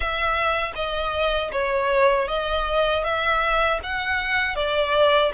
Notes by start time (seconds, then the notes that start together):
0.00 E5
0.75 D#5
1.52 C#5
2.28 D#5
3.04 E5
3.83 F#5
4.55 D5